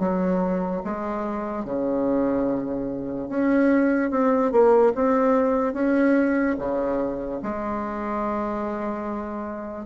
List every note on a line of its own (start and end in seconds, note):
0.00 0.82 F#3
0.85 1.65 G#3
1.65 3.29 C#3
3.29 4.11 C#4
4.11 4.52 C4
4.52 4.93 A#3
4.95 5.74 C4
5.74 6.56 C#4
6.59 7.41 C#3
7.43 9.86 G#3